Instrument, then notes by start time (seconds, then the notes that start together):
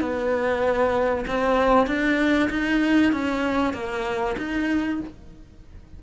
cello
0.00 B3
1.27 C4
1.86 D4
2.49 D#4
3.12 C#4
3.73 A#3
4.37 D#4